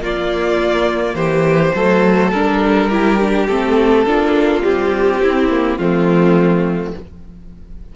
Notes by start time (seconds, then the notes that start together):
0.00 A#3 F4 D5
1.14 E3 G4 C5
1.75 F#3 A3 A4
2.31 G3 D4 A#4
2.88 E4 G4
3.20 D4
3.47 A3 C4 A4
4.06 A#3 D4 F4
4.62 G3 C4 G4
5.23 C4 E4
5.51 A#3
5.77 F3 A3 C4 F4